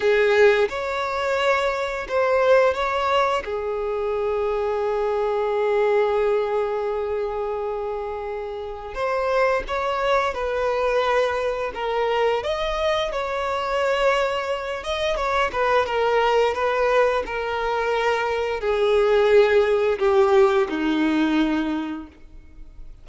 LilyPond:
\new Staff \with { instrumentName = "violin" } { \time 4/4 \tempo 4 = 87 gis'4 cis''2 c''4 | cis''4 gis'2.~ | gis'1~ | gis'4 c''4 cis''4 b'4~ |
b'4 ais'4 dis''4 cis''4~ | cis''4. dis''8 cis''8 b'8 ais'4 | b'4 ais'2 gis'4~ | gis'4 g'4 dis'2 | }